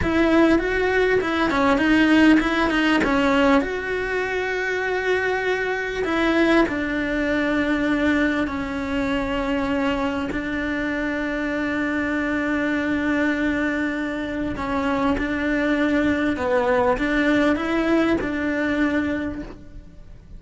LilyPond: \new Staff \with { instrumentName = "cello" } { \time 4/4 \tempo 4 = 99 e'4 fis'4 e'8 cis'8 dis'4 | e'8 dis'8 cis'4 fis'2~ | fis'2 e'4 d'4~ | d'2 cis'2~ |
cis'4 d'2.~ | d'1 | cis'4 d'2 b4 | d'4 e'4 d'2 | }